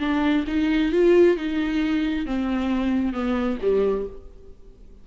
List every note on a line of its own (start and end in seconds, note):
0.00 0.45 D4
0.47 0.92 D#4
0.92 1.37 F4
1.37 2.26 D#4
2.26 3.13 C4
3.13 3.58 B3
3.62 4.07 G3